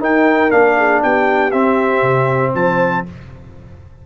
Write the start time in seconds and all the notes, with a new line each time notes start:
0.00 D#4 A#4 G5
0.50 A#3 D4 F5
0.77 G#4
1.03 B3 G4 G5
1.52 C4 E5
2.03 C3
2.53 F3 C5 A5